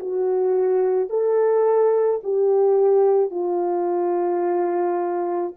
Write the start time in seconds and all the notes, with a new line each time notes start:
0.00 F#4
1.10 A4
2.23 G4
3.31 F4